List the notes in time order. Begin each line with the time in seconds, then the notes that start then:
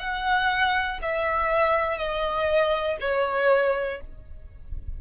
0.00 F#5
1.03 E5
1.98 D#5
3.01 C#5